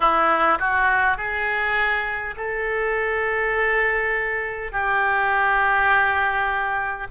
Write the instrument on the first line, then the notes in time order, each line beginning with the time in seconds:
oboe
0.00 E4
0.59 F#4
1.17 G#4
2.36 A4
4.72 G4